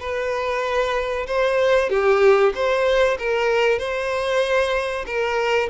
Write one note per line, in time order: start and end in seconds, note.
0.00 1.26 B4
1.27 1.90 C5
1.90 2.53 G4
2.55 3.18 C5
3.19 3.79 A#4
3.79 5.05 C5
5.06 5.69 A#4